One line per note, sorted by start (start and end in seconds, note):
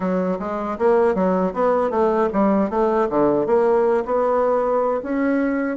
0.00 0.38 F#3
0.39 0.77 G#3
0.78 1.14 A#3
1.14 1.53 F#3
1.53 1.90 B3
1.90 2.29 A3
2.33 2.70 G3
2.70 3.08 A3
3.09 3.46 D3
3.46 4.04 A#3
4.05 5.01 B3
5.02 5.77 C#4